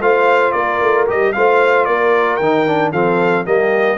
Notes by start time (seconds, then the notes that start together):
0.00 A3 F4 C5 F5
0.52 A#3 A#4 D5
0.81 A3
1.08 G3 G4 D#5
1.33 A3 F4 C5 F5
1.85 A#3 A#4 D5
2.37 D#3 D#4 G5
2.67 D4
2.92 F3 C4 A4 F5
3.45 G3 A#3 G4 D#5